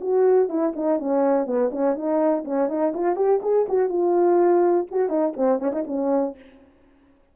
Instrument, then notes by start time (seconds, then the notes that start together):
horn
0.00 F#4
0.49 E4
0.75 D#4
0.98 C#4
1.46 B3
1.71 C#4
1.94 D#4
2.44 C#4
2.68 D#4
2.94 F4
3.15 G4
3.42 G#4
3.68 F#4
3.88 F4
4.90 F#4
5.09 D#4
5.36 C4
5.59 C#4
5.72 D#4
5.87 C#4